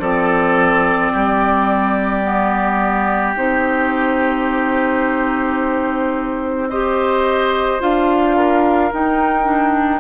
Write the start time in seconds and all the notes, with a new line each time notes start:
0.00 F3 C4 A4 D5
1.13 G3 G4
2.24 B3
3.36 C4 D#4 C5
6.70 G4 C5 D#5
7.80 D4 F4 F5
8.36 A#4
8.92 D#4 G5
9.44 D4